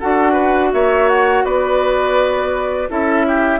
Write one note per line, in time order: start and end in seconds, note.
0.00 0.74 D4
0.00 2.89 F#4
0.00 0.32 A4
0.00 0.72 F#5
0.32 0.68 B4
0.73 1.44 A#3
0.73 1.44 C#5
0.73 1.09 E5
1.09 1.45 F#5
1.44 2.89 B3
1.44 2.89 B4
1.44 2.89 D5
2.89 3.59 C#4
2.89 3.59 E4
2.89 3.26 A4
2.89 3.59 E5
3.27 3.59 G4